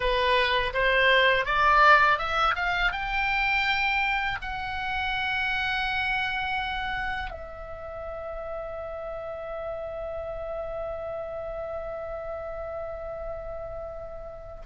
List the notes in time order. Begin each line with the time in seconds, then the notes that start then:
0.00 B4
0.73 C5
1.45 D5
2.18 E5
2.55 F5
2.92 G5
4.41 F#5
7.30 E5